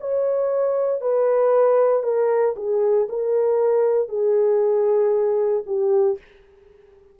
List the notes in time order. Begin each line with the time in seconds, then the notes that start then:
0.00 C#5
1.01 B4
2.03 A#4
2.56 G#4
3.09 A#4
4.09 G#4
5.66 G4